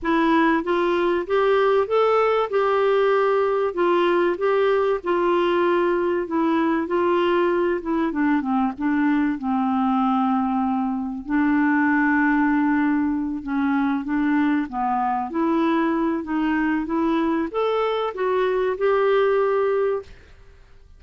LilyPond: \new Staff \with { instrumentName = "clarinet" } { \time 4/4 \tempo 4 = 96 e'4 f'4 g'4 a'4 | g'2 f'4 g'4 | f'2 e'4 f'4~ | f'8 e'8 d'8 c'8 d'4 c'4~ |
c'2 d'2~ | d'4. cis'4 d'4 b8~ | b8 e'4. dis'4 e'4 | a'4 fis'4 g'2 | }